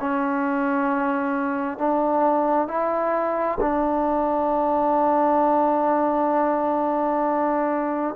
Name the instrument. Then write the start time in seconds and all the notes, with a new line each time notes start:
trombone
0.00 C#4
1.78 D4
2.68 E4
3.61 D4